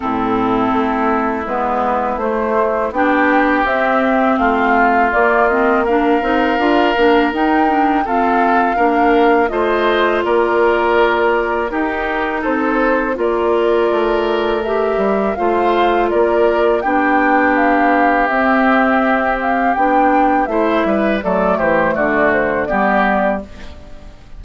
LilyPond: <<
  \new Staff \with { instrumentName = "flute" } { \time 4/4 \tempo 4 = 82 a'2 b'4 c''4 | g''4 e''4 f''4 d''8 dis''8 | f''2 g''4 f''4~ | f''4 dis''4 d''2 |
ais'4 c''4 d''2 | e''4 f''4 d''4 g''4 | f''4 e''4. f''8 g''4 | e''4 d''8 c''8 d''8 c''8 d''4 | }
  \new Staff \with { instrumentName = "oboe" } { \time 4/4 e'1 | g'2 f'2 | ais'2. a'4 | ais'4 c''4 ais'2 |
g'4 a'4 ais'2~ | ais'4 c''4 ais'4 g'4~ | g'1 | c''8 b'8 a'8 g'8 fis'4 g'4 | }
  \new Staff \with { instrumentName = "clarinet" } { \time 4/4 c'2 b4 a4 | d'4 c'2 ais8 c'8 | d'8 dis'8 f'8 d'8 dis'8 d'8 c'4 | d'4 f'2. |
dis'2 f'2 | g'4 f'2 d'4~ | d'4 c'2 d'4 | e'4 a2 b4 | }
  \new Staff \with { instrumentName = "bassoon" } { \time 4/4 a,4 a4 gis4 a4 | b4 c'4 a4 ais4~ | ais8 c'8 d'8 ais8 dis'4 f'4 | ais4 a4 ais2 |
dis'4 c'4 ais4 a4~ | a8 g8 a4 ais4 b4~ | b4 c'2 b4 | a8 g8 fis8 e8 d4 g4 | }
>>